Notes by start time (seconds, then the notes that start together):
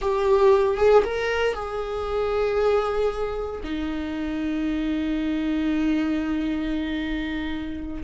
0.01 G4
0.77 G#4
1.04 A#4
1.54 G#4
3.63 D#4